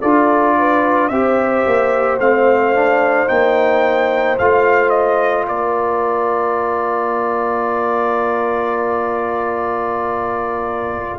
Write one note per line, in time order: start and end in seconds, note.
0.00 1.10 D4
0.00 1.11 F4
0.00 0.55 A4
0.00 1.08 D5
0.58 1.10 B4
1.08 1.64 C4
1.08 2.20 G4
1.08 5.47 C5
1.08 2.17 E5
1.66 2.19 A#3
2.19 3.28 A3
2.19 2.75 C4
2.19 3.28 F5
2.75 3.27 D4
3.27 4.39 A#3
3.27 4.37 D#4
3.27 4.37 G5
4.38 5.47 A3
4.38 11.19 F4
4.38 4.89 F5
4.89 5.44 D#5
5.47 11.19 A#3
5.47 11.19 A#4
5.47 11.19 D5